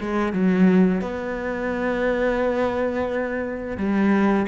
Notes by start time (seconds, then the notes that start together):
0.00 G#3
0.33 F#3
1.02 B3
3.77 G3